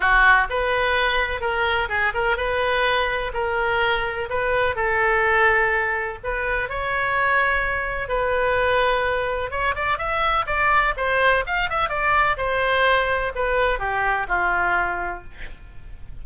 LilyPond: \new Staff \with { instrumentName = "oboe" } { \time 4/4 \tempo 4 = 126 fis'4 b'2 ais'4 | gis'8 ais'8 b'2 ais'4~ | ais'4 b'4 a'2~ | a'4 b'4 cis''2~ |
cis''4 b'2. | cis''8 d''8 e''4 d''4 c''4 | f''8 e''8 d''4 c''2 | b'4 g'4 f'2 | }